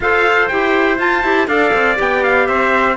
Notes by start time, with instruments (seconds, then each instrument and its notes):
0.00 cello F4, clarinet A4, trumpet C5 F5
0.47 cello E4, clarinet G4, trumpet G5
0.97 clarinet F4, cello F4, trumpet A5
1.23 cello E4, clarinet G4
1.47 cello D4, clarinet A4, trumpet D5 F5
1.73 cello C4
1.96 cello B3, clarinet G4, trumpet G5
2.23 trumpet F5
2.47 cello C4, trumpet C5 E5